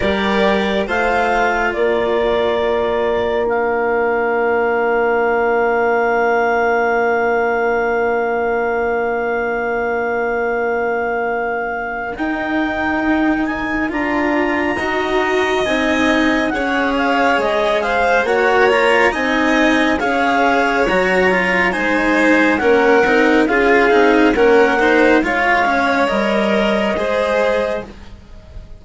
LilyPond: <<
  \new Staff \with { instrumentName = "clarinet" } { \time 4/4 \tempo 4 = 69 d''4 f''4 d''2 | f''1~ | f''1~ | f''2 g''4. gis''8 |
ais''2 gis''4 fis''8 f''8 | dis''8 f''8 fis''8 ais''8 gis''4 f''4 | ais''4 gis''4 fis''4 f''4 | fis''4 f''4 dis''2 | }
  \new Staff \with { instrumentName = "violin" } { \time 4/4 ais'4 c''4 ais'2~ | ais'1~ | ais'1~ | ais'1~ |
ais'4 dis''2 cis''4~ | cis''8 c''8 cis''4 dis''4 cis''4~ | cis''4 c''4 ais'4 gis'4 | ais'8 c''8 cis''2 c''4 | }
  \new Staff \with { instrumentName = "cello" } { \time 4/4 g'4 f'2. | d'1~ | d'1~ | d'2 dis'2 |
f'4 fis'4 dis'4 gis'4~ | gis'4 fis'8 f'8 dis'4 gis'4 | fis'8 f'8 dis'4 cis'8 dis'8 f'8 dis'8 | cis'8 dis'8 f'8 cis'8 ais'4 gis'4 | }
  \new Staff \with { instrumentName = "bassoon" } { \time 4/4 g4 a4 ais2~ | ais1~ | ais1~ | ais2 dis'2 |
d'4 dis'4 c'4 cis'4 | gis4 ais4 c'4 cis'4 | fis4 gis4 ais8 c'8 cis'8 c'8 | ais4 gis4 g4 gis4 | }
>>